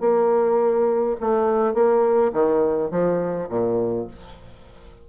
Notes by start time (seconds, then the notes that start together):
0.00 A#3
1.20 A3
1.74 A#3
2.33 D#3
2.91 F3
3.49 A#2